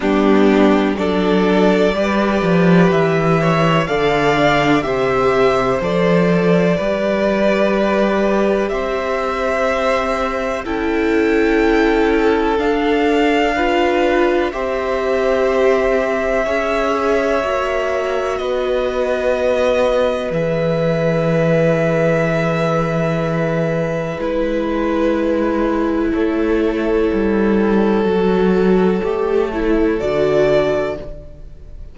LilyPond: <<
  \new Staff \with { instrumentName = "violin" } { \time 4/4 \tempo 4 = 62 g'4 d''2 e''4 | f''4 e''4 d''2~ | d''4 e''2 g''4~ | g''4 f''2 e''4~ |
e''2. dis''4~ | dis''4 e''2.~ | e''4 b'2 cis''4~ | cis''2. d''4 | }
  \new Staff \with { instrumentName = "violin" } { \time 4/4 d'4 a'4 b'4. cis''8 | d''4 c''2 b'4~ | b'4 c''2 a'4~ | a'2 b'4 c''4~ |
c''4 cis''2 b'4~ | b'1~ | b'2. a'4~ | a'1 | }
  \new Staff \with { instrumentName = "viola" } { \time 4/4 b4 d'4 g'2 | a'8 d'8 g'4 a'4 g'4~ | g'2. e'4~ | e'4 d'4 f'4 g'4~ |
g'4 gis'4 fis'2~ | fis'4 gis'2.~ | gis'4 e'2.~ | e'4 fis'4 g'8 e'8 fis'4 | }
  \new Staff \with { instrumentName = "cello" } { \time 4/4 g4 fis4 g8 f8 e4 | d4 c4 f4 g4~ | g4 c'2 cis'4~ | cis'4 d'2 c'4~ |
c'4 cis'4 ais4 b4~ | b4 e2.~ | e4 gis2 a4 | g4 fis4 a4 d4 | }
>>